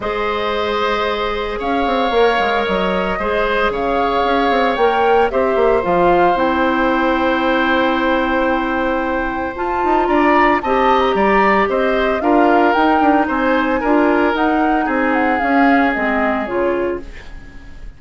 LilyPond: <<
  \new Staff \with { instrumentName = "flute" } { \time 4/4 \tempo 4 = 113 dis''2. f''4~ | f''4 dis''2 f''4~ | f''4 g''4 e''4 f''4 | g''1~ |
g''2 a''4 ais''4 | a''8. ais''4~ ais''16 dis''4 f''4 | g''4 gis''2 fis''4 | gis''8 fis''8 f''4 dis''4 cis''4 | }
  \new Staff \with { instrumentName = "oboe" } { \time 4/4 c''2. cis''4~ | cis''2 c''4 cis''4~ | cis''2 c''2~ | c''1~ |
c''2. d''4 | dis''4 d''4 c''4 ais'4~ | ais'4 c''4 ais'2 | gis'1 | }
  \new Staff \with { instrumentName = "clarinet" } { \time 4/4 gis'1 | ais'2 gis'2~ | gis'4 ais'4 g'4 f'4 | e'1~ |
e'2 f'2 | g'2. f'4 | dis'2 f'4 dis'4~ | dis'4 cis'4 c'4 f'4 | }
  \new Staff \with { instrumentName = "bassoon" } { \time 4/4 gis2. cis'8 c'8 | ais8 gis8 fis4 gis4 cis4 | cis'8 c'8 ais4 c'8 ais8 f4 | c'1~ |
c'2 f'8 dis'8 d'4 | c'4 g4 c'4 d'4 | dis'8 d'8 c'4 d'4 dis'4 | c'4 cis'4 gis4 cis4 | }
>>